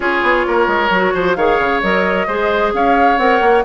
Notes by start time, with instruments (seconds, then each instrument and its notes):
0.00 bassoon C#4, clarinet F4, oboe G#4, flute C#5
0.22 bassoon B3
0.47 bassoon A#3, oboe A#4
0.67 bassoon G#3
0.89 bassoon F#3, clarinet F#4
1.14 bassoon F3, oboe C5
1.35 bassoon D#3, clarinet G#4, oboe C#5, flute F5
1.59 bassoon C#3
1.81 bassoon F#3, clarinet A#4, flute D#5
2.27 bassoon G#3, clarinet G#4, oboe C5
2.73 bassoon C#4, oboe C#5, flute F5
3.17 bassoon C4, clarinet A#4, flute F#5
3.41 bassoon A#3